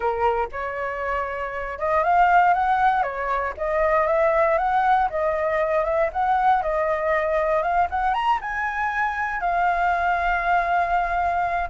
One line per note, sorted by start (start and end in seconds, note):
0.00 0.48 A#4
0.52 1.78 C#5
1.78 2.03 D#5
2.03 2.53 F5
2.53 3.03 F#5
3.03 3.53 C#5
3.57 4.07 D#5
4.07 4.57 E5
4.57 5.08 F#5
5.10 5.84 D#5
5.84 6.09 E5
6.12 6.62 F#5
6.62 7.62 D#5
7.62 7.87 F5
7.90 8.14 F#5
8.14 8.39 A#5
8.41 9.40 G#5
9.40 11.69 F5